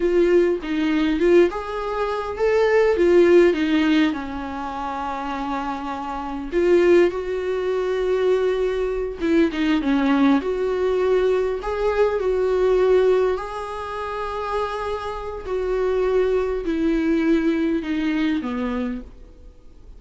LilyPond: \new Staff \with { instrumentName = "viola" } { \time 4/4 \tempo 4 = 101 f'4 dis'4 f'8 gis'4. | a'4 f'4 dis'4 cis'4~ | cis'2. f'4 | fis'2.~ fis'8 e'8 |
dis'8 cis'4 fis'2 gis'8~ | gis'8 fis'2 gis'4.~ | gis'2 fis'2 | e'2 dis'4 b4 | }